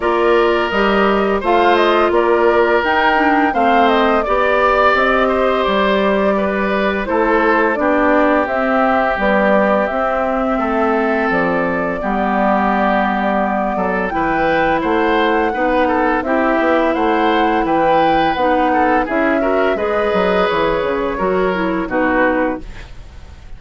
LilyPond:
<<
  \new Staff \with { instrumentName = "flute" } { \time 4/4 \tempo 4 = 85 d''4 dis''4 f''8 dis''8 d''4 | g''4 f''8 dis''8 d''4 dis''4 | d''2 c''4 d''4 | e''4 d''4 e''2 |
d''1 | g''4 fis''2 e''4 | fis''4 g''4 fis''4 e''4 | dis''4 cis''2 b'4 | }
  \new Staff \with { instrumentName = "oboe" } { \time 4/4 ais'2 c''4 ais'4~ | ais'4 c''4 d''4. c''8~ | c''4 b'4 a'4 g'4~ | g'2. a'4~ |
a'4 g'2~ g'8 a'8 | b'4 c''4 b'8 a'8 g'4 | c''4 b'4. a'8 gis'8 ais'8 | b'2 ais'4 fis'4 | }
  \new Staff \with { instrumentName = "clarinet" } { \time 4/4 f'4 g'4 f'2 | dis'8 d'8 c'4 g'2~ | g'2 e'4 d'4 | c'4 g4 c'2~ |
c'4 b2. | e'2 dis'4 e'4~ | e'2 dis'4 e'8 fis'8 | gis'2 fis'8 e'8 dis'4 | }
  \new Staff \with { instrumentName = "bassoon" } { \time 4/4 ais4 g4 a4 ais4 | dis'4 a4 b4 c'4 | g2 a4 b4 | c'4 b4 c'4 a4 |
f4 g2~ g8 fis8 | e4 a4 b4 c'8 b8 | a4 e4 b4 cis'4 | gis8 fis8 e8 cis8 fis4 b,4 | }
>>